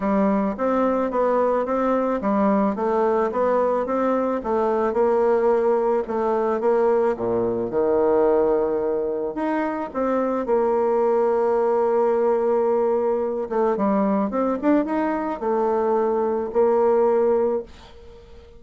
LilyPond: \new Staff \with { instrumentName = "bassoon" } { \time 4/4 \tempo 4 = 109 g4 c'4 b4 c'4 | g4 a4 b4 c'4 | a4 ais2 a4 | ais4 ais,4 dis2~ |
dis4 dis'4 c'4 ais4~ | ais1~ | ais8 a8 g4 c'8 d'8 dis'4 | a2 ais2 | }